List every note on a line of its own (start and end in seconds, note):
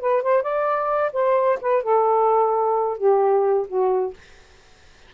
0.00 0.22 B4
0.22 0.43 C5
0.43 1.12 D5
1.13 1.59 C5
1.61 1.83 B4
1.83 2.97 A4
2.97 3.67 G4
3.68 4.14 F#4